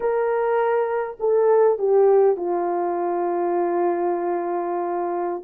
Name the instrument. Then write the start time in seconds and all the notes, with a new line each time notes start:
horn
0.00 A#4
1.19 A4
1.78 G4
2.36 F4